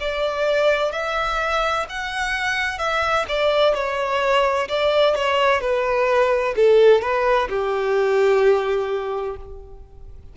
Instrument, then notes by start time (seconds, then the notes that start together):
violin
0.00 D5
0.92 E5
1.89 F#5
2.78 E5
3.28 D5
3.74 C#5
4.68 D5
5.15 C#5
5.61 B4
6.56 A4
7.01 B4
7.49 G4